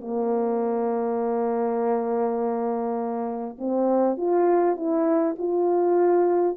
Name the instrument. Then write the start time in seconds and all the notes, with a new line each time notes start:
horn
0.00 A#3
3.58 C4
4.17 F4
4.76 E4
5.38 F4